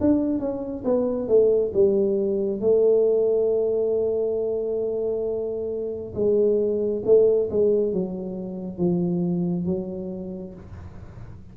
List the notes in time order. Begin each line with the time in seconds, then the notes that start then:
0.00 D4
0.39 C#4
0.84 B3
1.28 A3
1.73 G3
2.60 A3
6.14 G#3
7.05 A3
7.50 G#3
7.93 F#3
8.78 F3
9.65 F#3